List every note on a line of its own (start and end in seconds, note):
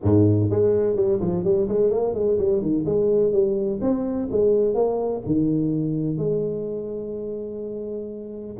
0.02 0.50 G#2
0.50 0.95 G#3
0.95 1.19 G3
1.20 1.44 F3
1.44 1.68 G3
1.68 1.90 G#3
1.90 2.14 A#3
2.14 2.37 G#3
2.38 2.61 G3
2.61 2.85 D#3
2.85 3.32 G#3
3.32 3.80 G3
3.81 4.29 C4
4.31 4.74 G#3
4.74 5.22 A#3
5.26 6.17 D#3
6.17 8.55 G#3